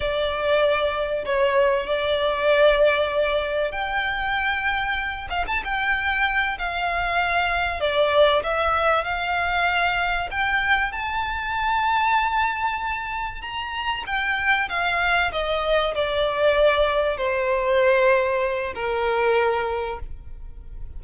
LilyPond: \new Staff \with { instrumentName = "violin" } { \time 4/4 \tempo 4 = 96 d''2 cis''4 d''4~ | d''2 g''2~ | g''8 f''16 a''16 g''4. f''4.~ | f''8 d''4 e''4 f''4.~ |
f''8 g''4 a''2~ a''8~ | a''4. ais''4 g''4 f''8~ | f''8 dis''4 d''2 c''8~ | c''2 ais'2 | }